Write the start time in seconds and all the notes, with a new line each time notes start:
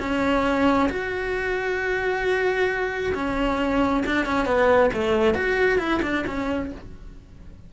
0.00 C#4
0.90 F#4
3.15 C#4
4.06 D4
4.26 C#4
4.46 B3
4.94 A3
5.35 F#4
5.79 E4
6.03 D4
6.27 C#4